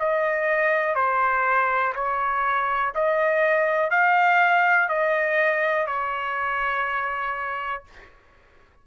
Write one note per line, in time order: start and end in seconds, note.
0.00 0.96 D#5
0.96 1.94 C5
1.95 2.94 C#5
2.95 3.91 D#5
3.91 4.89 F5
4.89 5.87 D#5
5.87 7.84 C#5